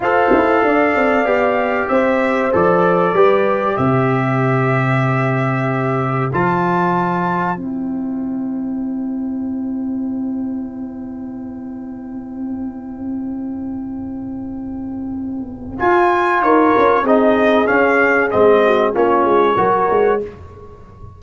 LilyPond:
<<
  \new Staff \with { instrumentName = "trumpet" } { \time 4/4 \tempo 4 = 95 f''2. e''4 | d''2 e''2~ | e''2 a''2 | g''1~ |
g''1~ | g''1~ | g''4 gis''4 cis''4 dis''4 | f''4 dis''4 cis''2 | }
  \new Staff \with { instrumentName = "horn" } { \time 4/4 c''4 d''2 c''4~ | c''4 b'4 c''2~ | c''1~ | c''1~ |
c''1~ | c''1~ | c''2 ais'4 gis'4~ | gis'4. fis'8 f'4 ais'4 | }
  \new Staff \with { instrumentName = "trombone" } { \time 4/4 a'2 g'2 | a'4 g'2.~ | g'2 f'2 | e'1~ |
e'1~ | e'1~ | e'4 f'2 dis'4 | cis'4 c'4 cis'4 fis'4 | }
  \new Staff \with { instrumentName = "tuba" } { \time 4/4 f'8 e'8 d'8 c'8 b4 c'4 | f4 g4 c2~ | c2 f2 | c'1~ |
c'1~ | c'1~ | c'4 f'4 dis'8 cis'8 c'4 | cis'4 gis4 ais8 gis8 fis8 gis8 | }
>>